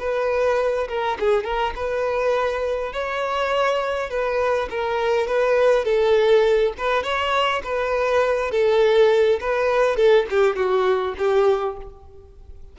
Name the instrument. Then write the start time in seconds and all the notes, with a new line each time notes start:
violin
0.00 B4
0.89 A#4
1.20 G#4
1.44 A#4
1.76 B4
2.93 C#5
4.10 B4
4.70 A#4
5.27 B4
5.85 A4
6.78 B4
7.03 C#5
7.64 B4
8.51 A4
9.40 B4
9.97 A4
10.30 G4
10.56 F#4
11.18 G4